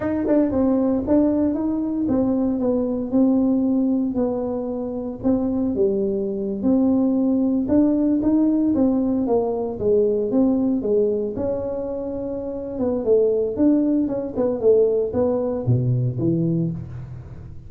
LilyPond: \new Staff \with { instrumentName = "tuba" } { \time 4/4 \tempo 4 = 115 dis'8 d'8 c'4 d'4 dis'4 | c'4 b4 c'2 | b2 c'4 g4~ | g8. c'2 d'4 dis'16~ |
dis'8. c'4 ais4 gis4 c'16~ | c'8. gis4 cis'2~ cis'16~ | cis'8 b8 a4 d'4 cis'8 b8 | a4 b4 b,4 e4 | }